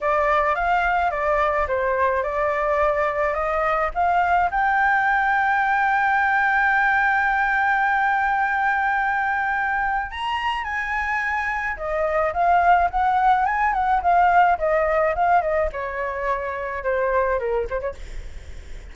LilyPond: \new Staff \with { instrumentName = "flute" } { \time 4/4 \tempo 4 = 107 d''4 f''4 d''4 c''4 | d''2 dis''4 f''4 | g''1~ | g''1~ |
g''2 ais''4 gis''4~ | gis''4 dis''4 f''4 fis''4 | gis''8 fis''8 f''4 dis''4 f''8 dis''8 | cis''2 c''4 ais'8 c''16 cis''16 | }